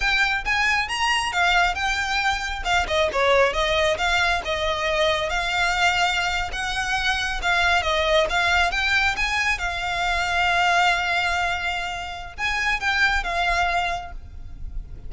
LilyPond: \new Staff \with { instrumentName = "violin" } { \time 4/4 \tempo 4 = 136 g''4 gis''4 ais''4 f''4 | g''2 f''8 dis''8 cis''4 | dis''4 f''4 dis''2 | f''2~ f''8. fis''4~ fis''16~ |
fis''8. f''4 dis''4 f''4 g''16~ | g''8. gis''4 f''2~ f''16~ | f''1 | gis''4 g''4 f''2 | }